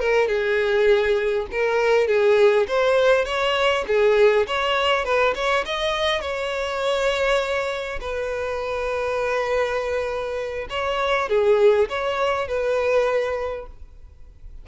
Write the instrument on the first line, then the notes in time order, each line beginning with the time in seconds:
violin
0.00 A#4
0.28 G#4
1.51 A#4
2.07 G#4
2.68 C5
3.25 C#5
3.87 G#4
4.47 C#5
5.05 B4
5.35 C#5
5.65 D#5
6.21 C#5
8.01 B4
10.70 C#5
11.29 G#4
11.89 C#5
12.48 B4